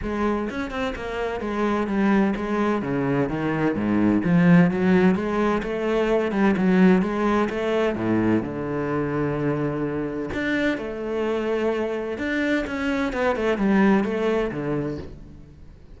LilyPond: \new Staff \with { instrumentName = "cello" } { \time 4/4 \tempo 4 = 128 gis4 cis'8 c'8 ais4 gis4 | g4 gis4 cis4 dis4 | gis,4 f4 fis4 gis4 | a4. g8 fis4 gis4 |
a4 a,4 d2~ | d2 d'4 a4~ | a2 d'4 cis'4 | b8 a8 g4 a4 d4 | }